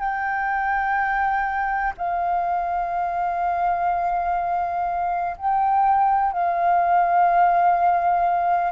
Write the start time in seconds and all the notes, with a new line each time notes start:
0.00 G5
1.98 F5
5.38 G5
6.33 F5